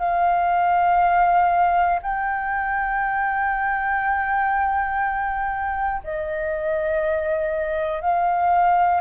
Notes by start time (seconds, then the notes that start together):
0.00 F5
2.02 G5
6.04 D#5
8.02 F5